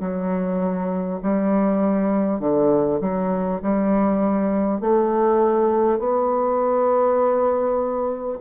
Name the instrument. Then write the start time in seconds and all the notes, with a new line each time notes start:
bassoon
0.00 F#3
1.23 G3
2.39 D3
3.01 F#3
3.62 G3
4.81 A3
5.99 B3